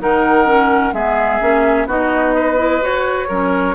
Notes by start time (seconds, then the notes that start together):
0.00 D#3 D#4 A#4 F#5
0.46 C#4
0.93 G#3 B3 G#4 E5
1.41 A#3 C#4
1.87 B3 D#4 F#4 D#5
2.35 B4
2.57 E4
2.82 F#4 C#5
3.28 F#3 C#4 A#4